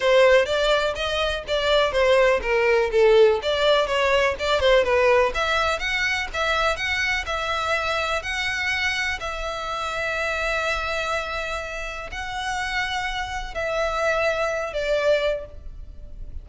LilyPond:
\new Staff \with { instrumentName = "violin" } { \time 4/4 \tempo 4 = 124 c''4 d''4 dis''4 d''4 | c''4 ais'4 a'4 d''4 | cis''4 d''8 c''8 b'4 e''4 | fis''4 e''4 fis''4 e''4~ |
e''4 fis''2 e''4~ | e''1~ | e''4 fis''2. | e''2~ e''8 d''4. | }